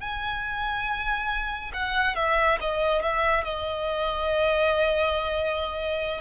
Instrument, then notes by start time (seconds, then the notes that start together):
violin
0.00 G#5
1.73 F#5
2.15 E5
2.60 D#5
3.02 E5
3.44 D#5